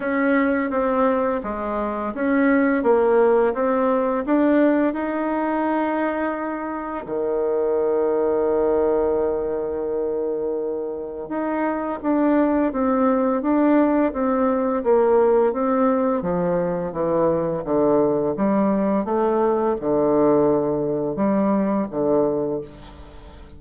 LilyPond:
\new Staff \with { instrumentName = "bassoon" } { \time 4/4 \tempo 4 = 85 cis'4 c'4 gis4 cis'4 | ais4 c'4 d'4 dis'4~ | dis'2 dis2~ | dis1 |
dis'4 d'4 c'4 d'4 | c'4 ais4 c'4 f4 | e4 d4 g4 a4 | d2 g4 d4 | }